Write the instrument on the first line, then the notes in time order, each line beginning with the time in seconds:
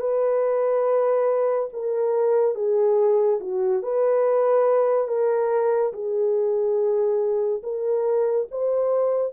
horn
0.00 B4
1.73 A#4
2.55 G#4
3.40 F#4
3.82 B4
5.08 A#4
5.93 G#4
7.63 A#4
8.51 C5